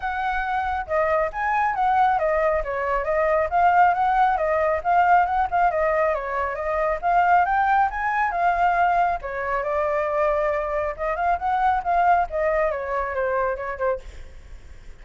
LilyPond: \new Staff \with { instrumentName = "flute" } { \time 4/4 \tempo 4 = 137 fis''2 dis''4 gis''4 | fis''4 dis''4 cis''4 dis''4 | f''4 fis''4 dis''4 f''4 | fis''8 f''8 dis''4 cis''4 dis''4 |
f''4 g''4 gis''4 f''4~ | f''4 cis''4 d''2~ | d''4 dis''8 f''8 fis''4 f''4 | dis''4 cis''4 c''4 cis''8 c''8 | }